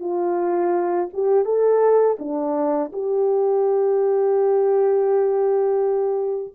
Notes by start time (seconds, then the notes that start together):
0.00 F4
1.13 G4
1.45 A4
2.19 D4
2.92 G4